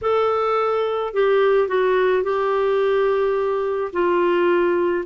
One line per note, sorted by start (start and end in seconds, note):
0.01 1.13 A4
1.13 1.68 G4
1.68 2.23 F#4
2.23 3.91 G4
3.93 5.05 F4